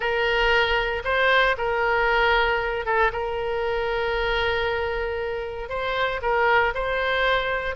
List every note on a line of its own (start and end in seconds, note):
0.00 1.03 A#4
1.04 1.56 C5
1.57 2.85 A#4
2.85 3.11 A4
3.12 5.69 A#4
5.69 6.21 C5
6.22 6.73 A#4
6.74 7.75 C5